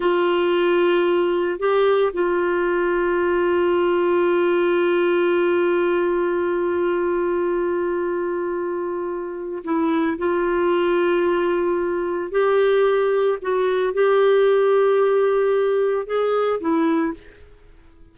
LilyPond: \new Staff \with { instrumentName = "clarinet" } { \time 4/4 \tempo 4 = 112 f'2. g'4 | f'1~ | f'1~ | f'1~ |
f'2 e'4 f'4~ | f'2. g'4~ | g'4 fis'4 g'2~ | g'2 gis'4 e'4 | }